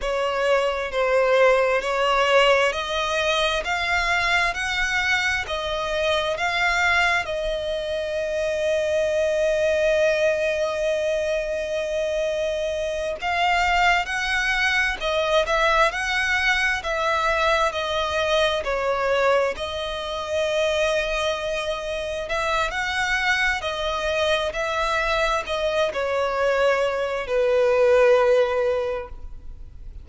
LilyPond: \new Staff \with { instrumentName = "violin" } { \time 4/4 \tempo 4 = 66 cis''4 c''4 cis''4 dis''4 | f''4 fis''4 dis''4 f''4 | dis''1~ | dis''2~ dis''8 f''4 fis''8~ |
fis''8 dis''8 e''8 fis''4 e''4 dis''8~ | dis''8 cis''4 dis''2~ dis''8~ | dis''8 e''8 fis''4 dis''4 e''4 | dis''8 cis''4. b'2 | }